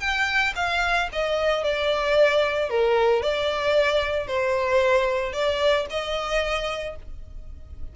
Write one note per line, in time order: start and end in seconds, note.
0.00 0.53 G5
0.56 1.09 F5
1.12 1.64 D#5
1.64 2.70 D5
2.70 3.22 A#4
3.22 4.27 D5
4.27 5.33 C5
5.33 5.86 D5
5.90 6.96 D#5